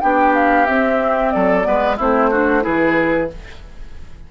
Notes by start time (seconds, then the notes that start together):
0.00 B3 D4 G4 G5
0.34 F5
0.66 C4 E5
1.31 F#3 A4 D5
1.62 G#3 B3 B4
1.97 A3 C4 E4 C5
2.30 D4 F#4
2.61 E3 E4 G#4 B4